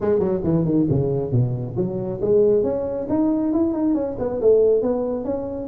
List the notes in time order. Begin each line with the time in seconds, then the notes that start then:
0.00 G#3
0.19 F#3
0.43 E3
0.64 D#3
0.89 C#3
1.31 B2
1.76 F#3
2.21 G#3
2.63 C#4
3.09 D#4
3.53 E4
3.73 D#4
3.94 C#4
4.18 B3
4.41 A3
4.82 B3
5.24 C#4